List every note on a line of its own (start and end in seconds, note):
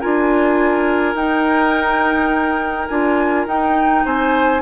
0.00 1.14 D4
0.00 1.15 F4
0.00 4.04 A#4
0.00 1.15 G#5
1.14 2.87 D#4
1.14 2.88 D#4
1.14 2.88 G5
2.88 3.46 D4
2.88 3.47 F4
2.88 3.45 G#5
3.46 4.04 D#4
3.46 4.62 D#4
3.46 4.06 G5
4.05 4.62 C4
4.05 4.62 C5
4.05 4.62 G#5